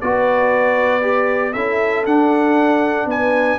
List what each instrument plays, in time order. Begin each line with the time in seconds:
0.00 tuba B3, trombone F#4, horn B4, trumpet D5
1.01 trombone G4
1.53 tuba C#4, trombone E4, horn A4, trumpet E5
2.05 tuba D4, trombone D4, trumpet F#5
3.06 tuba B3, horn B4, trumpet G#5